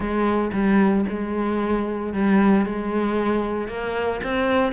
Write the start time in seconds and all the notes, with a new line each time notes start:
0.00 G#3
0.52 G3
1.09 G#3
2.13 G3
2.65 G#3
3.68 A#3
4.23 C4